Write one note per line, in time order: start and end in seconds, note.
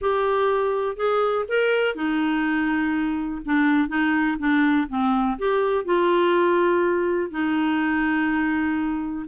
0.01 0.96 G4
0.96 1.45 G#4
1.48 1.95 A#4
1.95 3.41 D#4
3.45 3.88 D4
3.88 4.37 D#4
4.38 4.87 D4
4.88 5.37 C4
5.38 5.84 G4
5.84 7.31 F4
7.31 9.26 D#4